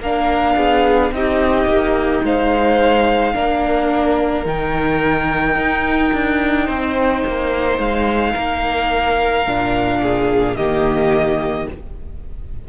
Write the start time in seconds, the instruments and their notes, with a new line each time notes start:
0.00 cello A#3, viola D4, violin A#4 F5
0.56 cello B3, violin G#4
1.11 cello C4, viola D#4, violin G4 D#5
1.66 cello A#3
2.23 cello G#3, violin C5 F5
3.34 cello A#3, viola D4, violin A#4
4.45 cello D#3, viola D#4, violin G5
5.56 cello D#4
6.13 cello D4
6.66 cello C4, violin C5
7.26 cello A#3
7.78 cello G#3, violin F5
8.34 cello A#3, violin A#4
9.47 cello A#2, viola D4
10.03 violin G#4
10.56 cello D#3, viola A#3, violin G4 D#5